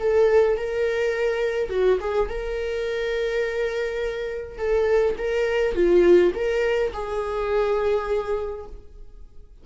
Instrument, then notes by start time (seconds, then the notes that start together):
viola
0.00 A4
0.58 A#4
1.70 F#4
2.01 G#4
2.29 A#4
4.58 A4
5.18 A#4
5.75 F4
6.35 A#4
6.93 G#4